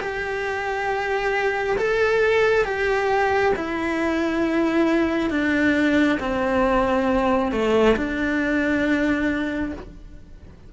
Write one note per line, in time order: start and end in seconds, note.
0.00 1.76 G4
1.78 2.64 A4
2.64 3.53 G4
3.55 5.30 E4
5.30 6.18 D4
6.19 7.51 C4
7.51 7.95 A3
7.96 9.73 D4